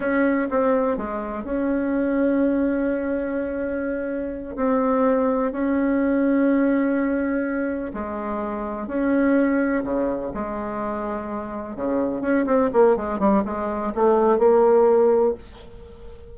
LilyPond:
\new Staff \with { instrumentName = "bassoon" } { \time 4/4 \tempo 4 = 125 cis'4 c'4 gis4 cis'4~ | cis'1~ | cis'4. c'2 cis'8~ | cis'1~ |
cis'8 gis2 cis'4.~ | cis'8 cis4 gis2~ gis8~ | gis8 cis4 cis'8 c'8 ais8 gis8 g8 | gis4 a4 ais2 | }